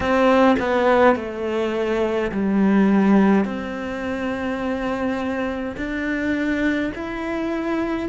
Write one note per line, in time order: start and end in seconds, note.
0.00 0.56 C4
0.59 1.15 B3
1.15 2.31 A3
2.31 3.45 G3
3.45 5.75 C4
5.76 6.92 D4
6.94 8.09 E4